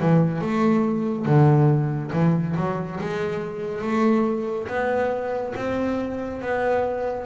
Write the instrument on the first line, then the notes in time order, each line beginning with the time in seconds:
double bass
0.00 E3
0.41 A3
1.25 D3
2.13 E3
2.56 F#3
3.00 G#3
3.81 A3
4.68 B3
5.56 C4
6.42 B3